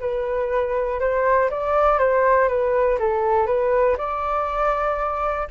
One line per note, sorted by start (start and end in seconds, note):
0.00 1.00 B4
1.00 1.50 C5
1.50 1.99 D5
1.99 2.48 C5
2.48 2.98 B4
2.99 3.47 A4
3.47 3.97 B4
3.98 5.48 D5